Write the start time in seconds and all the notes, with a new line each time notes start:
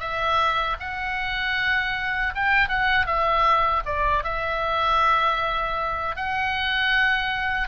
0.00 E5
0.80 F#5
2.35 G5
2.69 F#5
3.07 E5
3.86 D5
4.24 E5
6.16 F#5